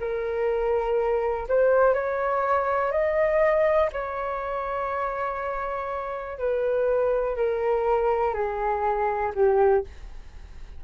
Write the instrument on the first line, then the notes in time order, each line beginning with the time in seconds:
flute
0.00 A#4
1.48 C5
1.94 C#5
2.92 D#5
3.93 C#5
6.38 B4
7.36 A#4
8.34 G#4
9.35 G4